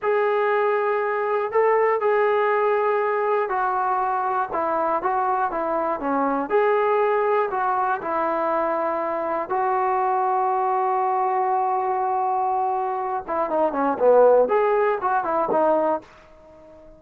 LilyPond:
\new Staff \with { instrumentName = "trombone" } { \time 4/4 \tempo 4 = 120 gis'2. a'4 | gis'2. fis'4~ | fis'4 e'4 fis'4 e'4 | cis'4 gis'2 fis'4 |
e'2. fis'4~ | fis'1~ | fis'2~ fis'8 e'8 dis'8 cis'8 | b4 gis'4 fis'8 e'8 dis'4 | }